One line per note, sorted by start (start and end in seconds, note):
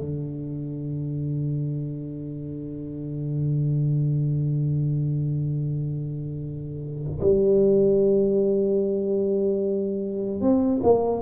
0.00 7.20 D3
7.21 10.41 G3
10.41 10.81 C4
10.83 11.23 A#3